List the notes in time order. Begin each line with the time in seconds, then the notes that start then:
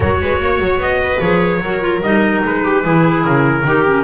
0.00 F#3 F#4 A#4 C#5
0.21 G#3 B4
0.39 A#3 C#5
0.59 F#3
0.77 B3 D#5
1.01 B4
1.20 F3 G#4 C#5
1.60 F#3 F#4 A#4
1.80 F4
2.02 G3 D#4 D#5
2.44 G#3 B4
2.63 G4
2.84 E3 E4 G#4
3.24 C#3 A#4
3.64 D#3 D#4 G4
3.85 C#4